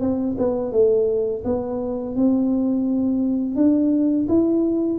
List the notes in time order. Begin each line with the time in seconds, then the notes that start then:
0.00 C4
0.38 B3
0.72 A3
1.44 B3
2.15 C4
3.56 D4
4.28 E4